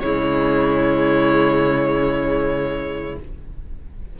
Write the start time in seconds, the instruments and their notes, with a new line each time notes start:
0.00 cello C#3, viola G#3, violin E4 C#5